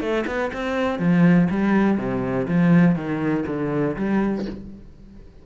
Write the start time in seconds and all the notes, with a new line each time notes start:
0.00 A3
0.26 B3
0.53 C4
0.99 F3
1.50 G3
1.98 C3
2.48 F3
2.95 D#3
3.47 D3
3.96 G3